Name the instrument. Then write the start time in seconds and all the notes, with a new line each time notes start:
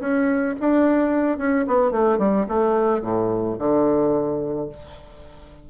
bassoon
0.00 C#4
0.60 D4
1.38 C#4
1.67 B3
1.91 A3
2.18 G3
2.48 A3
3.02 A2
3.58 D3